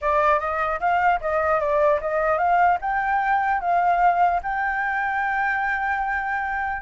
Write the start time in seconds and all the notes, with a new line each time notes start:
0.01 D5
0.39 D#5
0.80 F5
1.20 D#5
1.59 D5
2.01 D#5
2.37 F5
2.81 G5
3.60 F5
4.42 G5